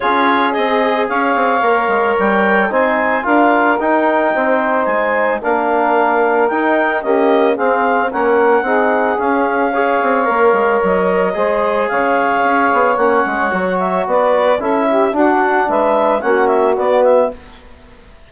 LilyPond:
<<
  \new Staff \with { instrumentName = "clarinet" } { \time 4/4 \tempo 4 = 111 cis''4 dis''4 f''2 | g''4 gis''4 f''4 g''4~ | g''4 gis''4 f''2 | g''4 dis''4 f''4 fis''4~ |
fis''4 f''2. | dis''2 f''2 | fis''4. e''8 d''4 e''4 | fis''4 e''4 fis''8 e''8 d''8 e''8 | }
  \new Staff \with { instrumentName = "saxophone" } { \time 4/4 gis'2 cis''2~ | cis''4 c''4 ais'2 | c''2 ais'2~ | ais'4 g'4 gis'4 ais'4 |
gis'2 cis''2~ | cis''4 c''4 cis''2~ | cis''2 b'4 a'8 g'8 | fis'4 b'4 fis'2 | }
  \new Staff \with { instrumentName = "trombone" } { \time 4/4 f'4 gis'2 ais'4~ | ais'4 dis'4 f'4 dis'4~ | dis'2 d'2 | dis'4 ais4 c'4 cis'4 |
dis'4 cis'4 gis'4 ais'4~ | ais'4 gis'2. | cis'4 fis'2 e'4 | d'2 cis'4 b4 | }
  \new Staff \with { instrumentName = "bassoon" } { \time 4/4 cis'4 c'4 cis'8 c'8 ais8 gis8 | g4 c'4 d'4 dis'4 | c'4 gis4 ais2 | dis'4 cis'4 c'4 ais4 |
c'4 cis'4. c'8 ais8 gis8 | fis4 gis4 cis4 cis'8 b8 | ais8 gis8 fis4 b4 cis'4 | d'4 gis4 ais4 b4 | }
>>